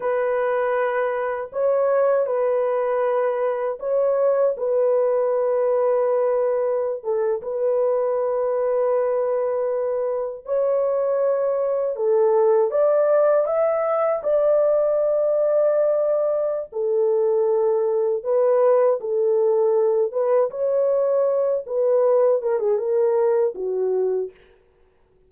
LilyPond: \new Staff \with { instrumentName = "horn" } { \time 4/4 \tempo 4 = 79 b'2 cis''4 b'4~ | b'4 cis''4 b'2~ | b'4~ b'16 a'8 b'2~ b'16~ | b'4.~ b'16 cis''2 a'16~ |
a'8. d''4 e''4 d''4~ d''16~ | d''2 a'2 | b'4 a'4. b'8 cis''4~ | cis''8 b'4 ais'16 gis'16 ais'4 fis'4 | }